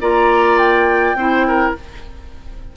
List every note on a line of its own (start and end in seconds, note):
0.00 1.14 A#3
0.00 1.17 F4
0.00 1.17 D5
0.00 0.58 A#5
0.58 1.74 G5
1.14 1.72 C4
1.14 1.75 E4
1.14 1.46 C5
1.47 1.76 A#4